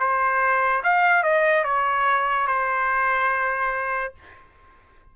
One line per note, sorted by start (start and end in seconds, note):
0.00 0.83 C5
0.84 1.23 F5
1.23 1.65 D#5
1.65 2.48 C#5
2.48 4.14 C5